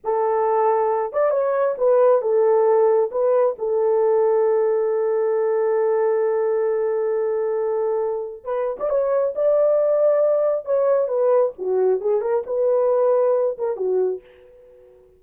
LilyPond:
\new Staff \with { instrumentName = "horn" } { \time 4/4 \tempo 4 = 135 a'2~ a'8 d''8 cis''4 | b'4 a'2 b'4 | a'1~ | a'1~ |
a'2. b'8. d''16 | cis''4 d''2. | cis''4 b'4 fis'4 gis'8 ais'8 | b'2~ b'8 ais'8 fis'4 | }